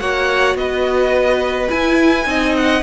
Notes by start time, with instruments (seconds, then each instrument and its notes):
0.00 cello A#3, viola F#4, violin C#5 F#5
0.54 cello B3, violin B4 D#5
1.69 viola E4, cello E4, violin G#5
2.26 cello C4, viola D#4, violin D#5
2.57 violin F#5